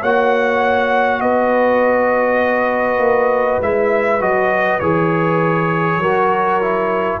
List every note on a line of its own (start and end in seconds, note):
0.00 1.20 A#3
0.00 3.62 F#4
0.00 1.20 C#5
0.00 1.20 F#5
1.20 2.98 B3
1.20 6.00 B4
1.20 3.60 D#5
2.98 3.58 A#3
3.60 4.20 G#3
3.60 4.20 E4
3.60 4.21 E5
4.20 4.80 F#3
4.20 4.80 F#4
4.20 4.79 D#5
4.79 5.96 E3
4.79 6.02 G#4
4.79 7.19 C#5
5.96 7.17 F#3
5.96 7.20 A#4
6.03 6.61 F#4
6.61 7.20 E4